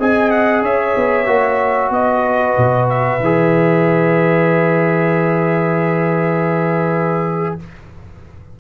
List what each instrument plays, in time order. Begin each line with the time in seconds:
0.00 tuba C4, trombone G#4, horn D#5, trumpet G#5
0.31 trumpet F#5
0.63 tuba C#4, horn C#5, trumpet E5
0.97 tuba B3
1.27 tuba A#3, trombone F#4
1.90 tuba B3, horn B4, trumpet D#5
2.58 tuba B2
2.90 trumpet E5
3.20 tuba E3, trombone G#4